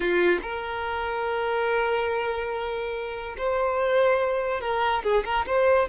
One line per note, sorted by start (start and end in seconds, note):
0.00 0.38 F4
0.42 3.36 A#4
3.37 4.61 C5
4.61 5.03 A#4
5.03 5.24 G#4
5.24 5.45 A#4
5.46 5.88 C5